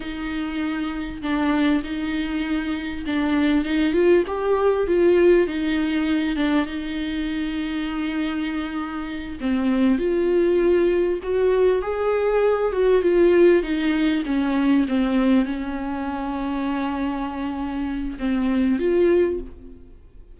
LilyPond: \new Staff \with { instrumentName = "viola" } { \time 4/4 \tempo 4 = 99 dis'2 d'4 dis'4~ | dis'4 d'4 dis'8 f'8 g'4 | f'4 dis'4. d'8 dis'4~ | dis'2.~ dis'8 c'8~ |
c'8 f'2 fis'4 gis'8~ | gis'4 fis'8 f'4 dis'4 cis'8~ | cis'8 c'4 cis'2~ cis'8~ | cis'2 c'4 f'4 | }